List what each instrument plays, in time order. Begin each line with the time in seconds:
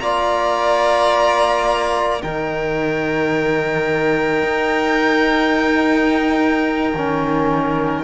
0.00 cello A#3, trombone F4, violin D5 A#5
2.20 cello D#3, trombone D#4, violin A#4 G5
4.43 cello D#4
6.94 cello D#3, trombone C#4